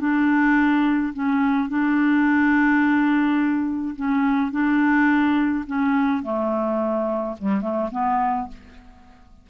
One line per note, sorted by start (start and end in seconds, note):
0.00 1.13 D4
1.13 1.70 C#4
1.70 3.96 D4
3.96 4.52 C#4
4.52 5.65 D4
5.67 6.23 C#4
6.23 7.37 A3
7.39 7.61 G3
7.61 7.90 A3
7.92 8.48 B3